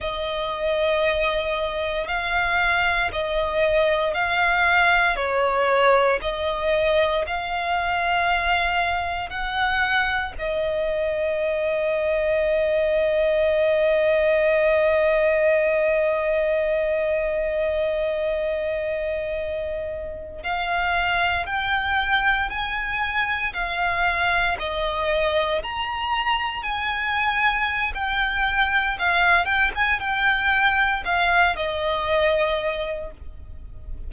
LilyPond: \new Staff \with { instrumentName = "violin" } { \time 4/4 \tempo 4 = 58 dis''2 f''4 dis''4 | f''4 cis''4 dis''4 f''4~ | f''4 fis''4 dis''2~ | dis''1~ |
dis''2.~ dis''8. f''16~ | f''8. g''4 gis''4 f''4 dis''16~ | dis''8. ais''4 gis''4~ gis''16 g''4 | f''8 g''16 gis''16 g''4 f''8 dis''4. | }